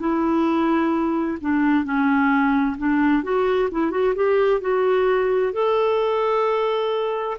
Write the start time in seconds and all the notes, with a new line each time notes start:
0.00 E4
1.41 D4
1.85 C#4
2.78 D4
3.23 F#4
3.72 E4
3.91 F#4
4.16 G4
4.62 F#4
5.53 A4